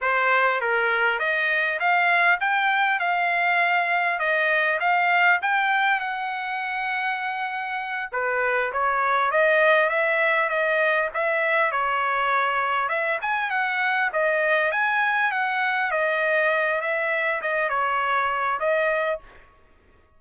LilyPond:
\new Staff \with { instrumentName = "trumpet" } { \time 4/4 \tempo 4 = 100 c''4 ais'4 dis''4 f''4 | g''4 f''2 dis''4 | f''4 g''4 fis''2~ | fis''4. b'4 cis''4 dis''8~ |
dis''8 e''4 dis''4 e''4 cis''8~ | cis''4. e''8 gis''8 fis''4 dis''8~ | dis''8 gis''4 fis''4 dis''4. | e''4 dis''8 cis''4. dis''4 | }